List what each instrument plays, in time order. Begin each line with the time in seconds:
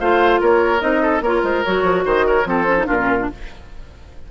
0.00 bassoon A3, clarinet F4, oboe C5, flute F5
0.40 bassoon A#3, oboe A#4, flute C#5
0.79 bassoon C4, clarinet D#4, flute D#5
1.02 oboe A4
1.21 bassoon A#3, clarinet F4, oboe A#4, flute C#5
1.43 bassoon G#3, flute C5
1.64 bassoon F#3, clarinet F#4, flute C#5
1.83 bassoon F3
2.05 bassoon D#3, oboe C5, flute D#5
2.27 oboe A#4, flute C#5
2.45 bassoon F3, clarinet C4, oboe A4, flute C5
2.67 clarinet C#4
2.78 clarinet D#4
2.87 bassoon A#2, clarinet D4, oboe F4, flute A#4
2.98 clarinet C#4
3.20 clarinet D4